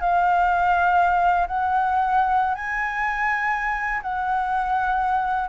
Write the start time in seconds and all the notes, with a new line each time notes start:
0.00 F5
1.47 F#5
2.54 G#5
4.02 F#5